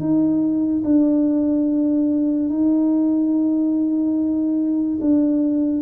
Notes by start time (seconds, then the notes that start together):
0.00 D#4
0.84 D4
2.49 D#4
5.01 D4